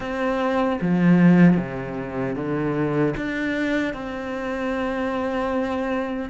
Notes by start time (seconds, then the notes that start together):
0.00 C4
0.81 F3
1.56 C3
2.35 D3
3.17 D4
3.93 C4